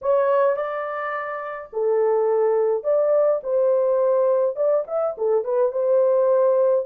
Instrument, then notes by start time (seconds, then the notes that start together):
horn
0.01 C#5
0.56 D5
1.72 A4
2.83 D5
3.43 C5
4.56 D5
4.87 E5
5.17 A4
5.44 B4
5.72 C5